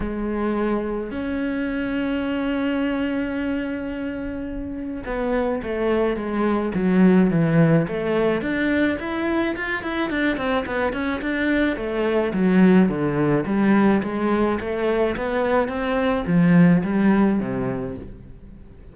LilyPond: \new Staff \with { instrumentName = "cello" } { \time 4/4 \tempo 4 = 107 gis2 cis'2~ | cis'1~ | cis'4 b4 a4 gis4 | fis4 e4 a4 d'4 |
e'4 f'8 e'8 d'8 c'8 b8 cis'8 | d'4 a4 fis4 d4 | g4 gis4 a4 b4 | c'4 f4 g4 c4 | }